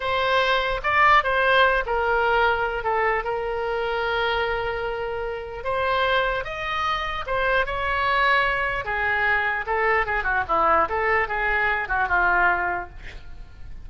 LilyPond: \new Staff \with { instrumentName = "oboe" } { \time 4/4 \tempo 4 = 149 c''2 d''4 c''4~ | c''8 ais'2~ ais'8 a'4 | ais'1~ | ais'2 c''2 |
dis''2 c''4 cis''4~ | cis''2 gis'2 | a'4 gis'8 fis'8 e'4 a'4 | gis'4. fis'8 f'2 | }